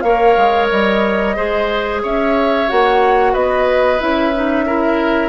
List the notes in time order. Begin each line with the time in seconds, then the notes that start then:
0.00 A#3 A#4 C#5 F5
0.37 G#3
0.70 G3 D#5
1.36 G#3 G#4 C5
2.02 C#4 C#5 E5
2.68 A#3 F#4 F#5
3.33 B3 B4 D#5
3.99 C#4 E4 E5
4.34 D#4
4.66 E4 A#4